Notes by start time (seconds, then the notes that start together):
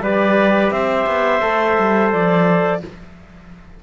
0.00 G3 G4 B4 D5
0.70 C4 C5 E5
1.06 B3
1.40 A3 A4
1.78 G3
2.11 F3 D5